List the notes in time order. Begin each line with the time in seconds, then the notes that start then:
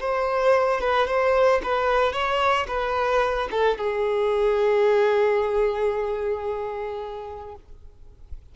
0.00 C5
0.81 B4
1.07 C5
1.63 B4
2.13 C#5
2.67 B4
3.51 A4
3.77 G#4